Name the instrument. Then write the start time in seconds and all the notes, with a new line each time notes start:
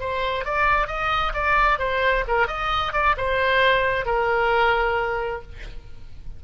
oboe
0.00 C5
0.45 D5
0.87 D#5
1.34 D5
1.79 C5
2.27 A#4
2.48 D#5
2.93 D5
3.17 C5
4.05 A#4